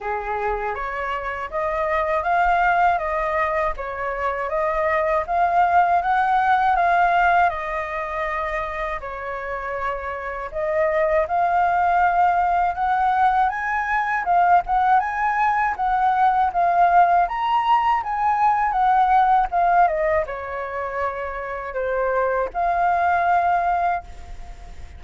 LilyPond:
\new Staff \with { instrumentName = "flute" } { \time 4/4 \tempo 4 = 80 gis'4 cis''4 dis''4 f''4 | dis''4 cis''4 dis''4 f''4 | fis''4 f''4 dis''2 | cis''2 dis''4 f''4~ |
f''4 fis''4 gis''4 f''8 fis''8 | gis''4 fis''4 f''4 ais''4 | gis''4 fis''4 f''8 dis''8 cis''4~ | cis''4 c''4 f''2 | }